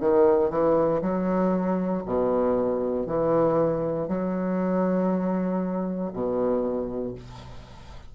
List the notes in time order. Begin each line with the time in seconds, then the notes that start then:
0.00 D#3
0.49 E3
1.01 F#3
2.05 B2
3.06 E3
4.08 F#3
6.13 B2